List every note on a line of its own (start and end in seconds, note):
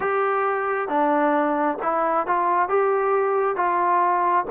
0.00 0.88 G4
0.88 1.77 D4
1.82 2.26 E4
2.26 2.68 F4
2.68 3.55 G4
3.55 4.45 F4